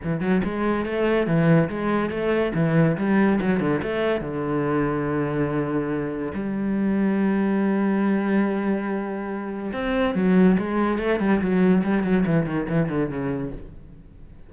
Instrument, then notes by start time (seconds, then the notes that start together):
cello
0.03 E3
0.20 F#3
0.43 G#3
0.85 A3
1.27 E3
1.69 G#3
2.10 A3
2.54 E3
2.97 G3
3.41 F#3
3.60 D3
3.82 A3
4.20 D3
6.34 G3
9.73 C4
10.14 F#3
10.58 G#3
10.98 A3
11.19 G3
11.41 F#3
11.83 G3
12.03 F#3
12.26 E3
12.46 D#3
12.69 E3
12.89 D3
13.10 C#3